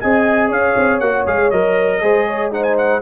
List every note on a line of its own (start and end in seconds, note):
0.00 0.51 C4
0.00 1.03 G#4
0.00 0.49 D#5
0.00 0.50 G#5
0.49 0.76 C#4
0.49 2.01 C#5
0.49 1.00 F5
0.76 1.01 C4
1.00 1.26 A#3
1.00 1.27 F#4
1.00 1.25 F#5
1.27 1.52 G#3
1.27 1.52 G#4
1.27 1.51 F5
1.51 2.03 F#3
1.51 2.02 A#4
1.51 2.52 D#5
2.02 3.02 G#3
2.02 2.51 G#4
2.02 2.28 C5
2.28 2.53 C#5
2.51 3.02 D#4
2.51 3.02 C5
2.51 2.64 F#5
2.64 2.76 G#5
2.78 3.02 F#5